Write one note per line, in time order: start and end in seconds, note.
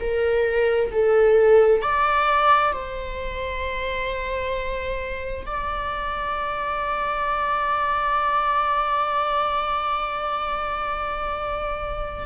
0.00 0.91 A#4
0.92 1.82 A4
1.82 2.73 D5
2.73 5.46 C5
5.46 12.26 D5